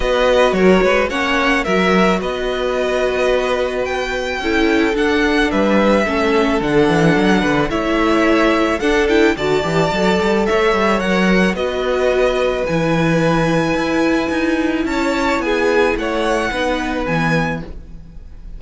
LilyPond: <<
  \new Staff \with { instrumentName = "violin" } { \time 4/4 \tempo 4 = 109 dis''4 cis''4 fis''4 e''4 | dis''2. g''4~ | g''4 fis''4 e''2 | fis''2 e''2 |
fis''8 g''8 a''2 e''4 | fis''4 dis''2 gis''4~ | gis''2. a''4 | gis''4 fis''2 gis''4 | }
  \new Staff \with { instrumentName = "violin" } { \time 4/4 b'4 ais'8 b'8 cis''4 ais'4 | b'1 | a'2 b'4 a'4~ | a'4. b'8 cis''2 |
a'4 d''2 cis''4~ | cis''4 b'2.~ | b'2. cis''4 | gis'4 cis''4 b'2 | }
  \new Staff \with { instrumentName = "viola" } { \time 4/4 fis'2 cis'4 fis'4~ | fis'1 | e'4 d'2 cis'4 | d'2 e'2 |
d'8 e'8 fis'8 g'8 a'2 | ais'4 fis'2 e'4~ | e'1~ | e'2 dis'4 b4 | }
  \new Staff \with { instrumentName = "cello" } { \time 4/4 b4 fis8 gis8 ais4 fis4 | b1 | cis'4 d'4 g4 a4 | d8 e8 fis8 d8 a2 |
d'4 d8 e8 fis8 g8 a8 g8 | fis4 b2 e4~ | e4 e'4 dis'4 cis'4 | b4 a4 b4 e4 | }
>>